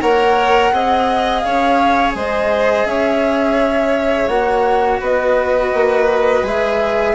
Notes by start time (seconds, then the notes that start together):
0.00 A#3 A#4 C#5 F#5
0.72 C4 G#4 D#5
1.39 C#4 C#5 F5
2.14 G#3 C5 D#5
2.85 C#4 C#5 E5
4.28 A#3 F#4 F#5
5.00 B3 B4 D#5
5.73 A#3
6.42 G#3 G#4 E5